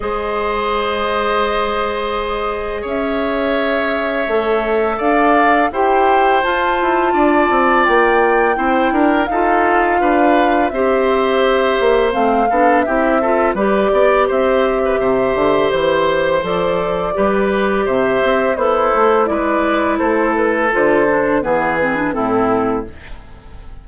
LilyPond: <<
  \new Staff \with { instrumentName = "flute" } { \time 4/4 \tempo 4 = 84 dis''1 | e''2. f''4 | g''4 a''2 g''4~ | g''4 f''2 e''4~ |
e''4 f''4 e''4 d''4 | e''2 c''4 d''4~ | d''4 e''4 c''4 d''4 | c''8 b'8 c''4 b'4 a'4 | }
  \new Staff \with { instrumentName = "oboe" } { \time 4/4 c''1 | cis''2. d''4 | c''2 d''2 | c''8 ais'8 a'4 b'4 c''4~ |
c''4. a'8 g'8 a'8 b'8 d''8 | c''8. b'16 c''2. | b'4 c''4 e'4 b'4 | a'2 gis'4 e'4 | }
  \new Staff \with { instrumentName = "clarinet" } { \time 4/4 gis'1~ | gis'2 a'2 | g'4 f'2. | e'4 f'2 g'4~ |
g'4 c'8 d'8 e'8 f'8 g'4~ | g'2. a'4 | g'2 a'4 e'4~ | e'4 f'8 d'8 b8 c'16 d'16 c'4 | }
  \new Staff \with { instrumentName = "bassoon" } { \time 4/4 gis1 | cis'2 a4 d'4 | e'4 f'8 e'8 d'8 c'8 ais4 | c'8 d'8 dis'4 d'4 c'4~ |
c'8 ais8 a8 b8 c'4 g8 b8 | c'4 c8 d8 e4 f4 | g4 c8 c'8 b8 a8 gis4 | a4 d4 e4 a,4 | }
>>